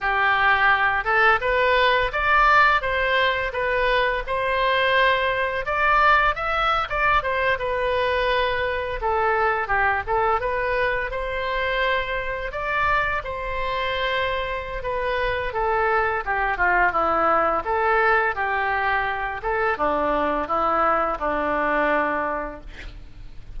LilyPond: \new Staff \with { instrumentName = "oboe" } { \time 4/4 \tempo 4 = 85 g'4. a'8 b'4 d''4 | c''4 b'4 c''2 | d''4 e''8. d''8 c''8 b'4~ b'16~ | b'8. a'4 g'8 a'8 b'4 c''16~ |
c''4.~ c''16 d''4 c''4~ c''16~ | c''4 b'4 a'4 g'8 f'8 | e'4 a'4 g'4. a'8 | d'4 e'4 d'2 | }